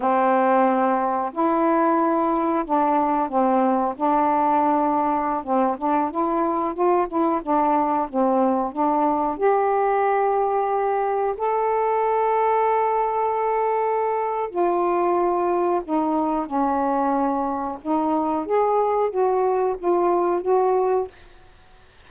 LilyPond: \new Staff \with { instrumentName = "saxophone" } { \time 4/4 \tempo 4 = 91 c'2 e'2 | d'4 c'4 d'2~ | d'16 c'8 d'8 e'4 f'8 e'8 d'8.~ | d'16 c'4 d'4 g'4.~ g'16~ |
g'4~ g'16 a'2~ a'8.~ | a'2 f'2 | dis'4 cis'2 dis'4 | gis'4 fis'4 f'4 fis'4 | }